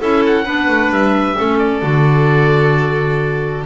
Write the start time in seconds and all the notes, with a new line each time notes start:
0.00 C#4 E4 A4 E5
0.26 F#5
0.44 B3 D4 B4
0.68 A3
0.90 G3 E5
1.36 A3 C#4 A4
1.58 D5
1.82 D3 F#4